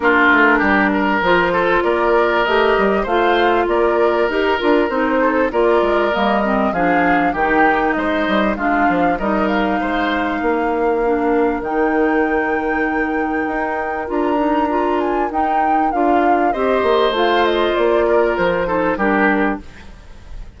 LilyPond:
<<
  \new Staff \with { instrumentName = "flute" } { \time 4/4 \tempo 4 = 98 ais'2 c''4 d''4 | dis''4 f''4 d''4 ais'4 | c''4 d''4 dis''4 f''4 | g''4 dis''4 f''4 dis''8 f''8~ |
f''2. g''4~ | g''2. ais''4~ | ais''8 gis''8 g''4 f''4 dis''4 | f''8 dis''8 d''4 c''4 ais'4 | }
  \new Staff \with { instrumentName = "oboe" } { \time 4/4 f'4 g'8 ais'4 a'8 ais'4~ | ais'4 c''4 ais'2~ | ais'8 a'8 ais'2 gis'4 | g'4 c''4 f'4 ais'4 |
c''4 ais'2.~ | ais'1~ | ais'2. c''4~ | c''4. ais'4 a'8 g'4 | }
  \new Staff \with { instrumentName = "clarinet" } { \time 4/4 d'2 f'2 | g'4 f'2 g'8 f'8 | dis'4 f'4 ais8 c'8 d'4 | dis'2 d'4 dis'4~ |
dis'2 d'4 dis'4~ | dis'2. f'8 dis'8 | f'4 dis'4 f'4 g'4 | f'2~ f'8 dis'8 d'4 | }
  \new Staff \with { instrumentName = "bassoon" } { \time 4/4 ais8 a8 g4 f4 ais4 | a8 g8 a4 ais4 dis'8 d'8 | c'4 ais8 gis8 g4 f4 | dis4 gis8 g8 gis8 f8 g4 |
gis4 ais2 dis4~ | dis2 dis'4 d'4~ | d'4 dis'4 d'4 c'8 ais8 | a4 ais4 f4 g4 | }
>>